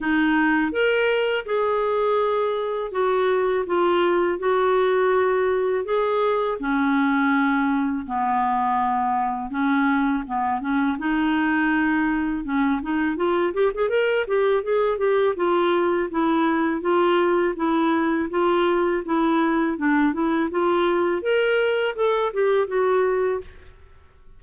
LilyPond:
\new Staff \with { instrumentName = "clarinet" } { \time 4/4 \tempo 4 = 82 dis'4 ais'4 gis'2 | fis'4 f'4 fis'2 | gis'4 cis'2 b4~ | b4 cis'4 b8 cis'8 dis'4~ |
dis'4 cis'8 dis'8 f'8 g'16 gis'16 ais'8 g'8 | gis'8 g'8 f'4 e'4 f'4 | e'4 f'4 e'4 d'8 e'8 | f'4 ais'4 a'8 g'8 fis'4 | }